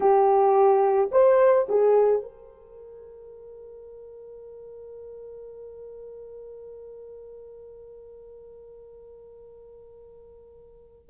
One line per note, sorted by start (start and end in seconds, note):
0.00 1.10 G4
1.11 1.67 C5
1.68 2.22 G#4
2.22 11.09 A#4